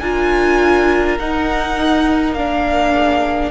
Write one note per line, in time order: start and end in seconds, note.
0.00 1.18 D4
0.00 1.20 F4
0.00 2.93 A#4
0.00 1.18 G#5
1.19 2.33 D#4
1.19 2.37 D#4
1.19 2.34 F#5
2.33 3.50 A#3
2.33 3.51 D4
2.33 3.51 F5
2.93 3.51 G#4